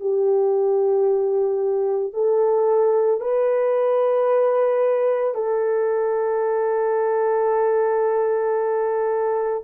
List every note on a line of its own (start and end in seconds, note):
0.00 2.13 G4
2.13 3.20 A4
3.20 5.35 B4
5.35 9.63 A4